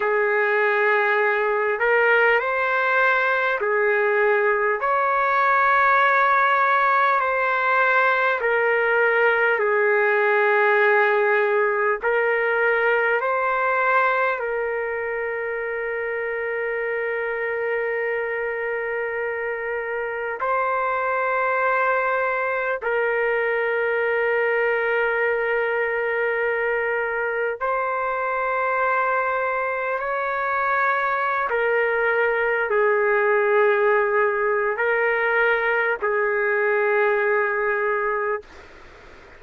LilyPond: \new Staff \with { instrumentName = "trumpet" } { \time 4/4 \tempo 4 = 50 gis'4. ais'8 c''4 gis'4 | cis''2 c''4 ais'4 | gis'2 ais'4 c''4 | ais'1~ |
ais'4 c''2 ais'4~ | ais'2. c''4~ | c''4 cis''4~ cis''16 ais'4 gis'8.~ | gis'4 ais'4 gis'2 | }